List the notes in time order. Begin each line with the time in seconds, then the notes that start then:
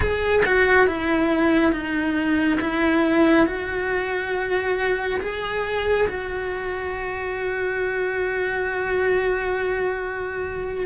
0.00 G#4
0.45 F#4
0.87 E4
1.72 D#4
2.60 E4
3.46 F#4
5.20 G#4
6.08 F#4